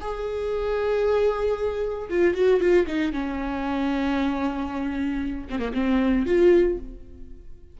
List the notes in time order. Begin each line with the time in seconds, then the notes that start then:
0.00 G#4
2.09 F4
2.34 F#4
2.60 F4
2.86 D#4
3.12 C#4
5.50 C4
5.59 A#3
5.73 C4
6.26 F4